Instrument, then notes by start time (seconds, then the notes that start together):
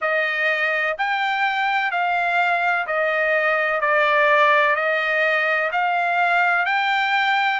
trumpet
0.01 D#5
0.98 G5
1.91 F5
2.86 D#5
3.81 D5
4.75 D#5
5.71 F5
6.65 G5